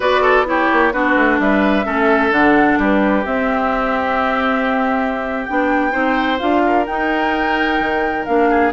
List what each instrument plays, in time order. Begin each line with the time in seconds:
0.00 bassoon B3, clarinet F#4, oboe B4, flute D5
0.21 oboe A4
0.45 clarinet E4, oboe G4, flute C#5
0.72 bassoon A#3
0.92 bassoon B3, clarinet D4, oboe F#4, flute B4
1.15 bassoon A3
1.39 bassoon G3, oboe B4, flute E5
1.84 bassoon A3, clarinet C#4, oboe A4
2.30 bassoon D3, clarinet D4, flute F#5
2.78 bassoon G3, oboe G4, flute B4
3.25 clarinet C4, bassoon C4, flute E5
5.44 bassoon B3, clarinet D4, flute G5
5.91 bassoon C4, clarinet D#4, oboe C5
6.38 bassoon D4, clarinet F4, flute F5
6.65 oboe A#4
6.86 bassoon D#4, clarinet D#4, flute G5
7.80 bassoon D#3
8.25 bassoon A#3, clarinet D4, flute F5
8.49 oboe G#4